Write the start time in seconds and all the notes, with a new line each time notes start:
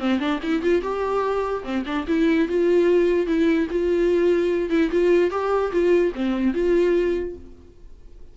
0.00 C4
0.20 D4
0.43 E4
0.63 F4
0.82 G4
1.64 C4
1.86 D4
2.08 E4
2.48 F4
3.27 E4
3.71 F4
4.70 E4
4.92 F4
5.31 G4
5.72 F4
6.16 C4
6.54 F4